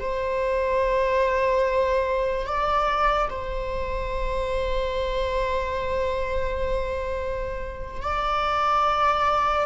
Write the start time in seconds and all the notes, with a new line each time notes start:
0.00 C5
2.46 D5
3.30 C5
8.02 D5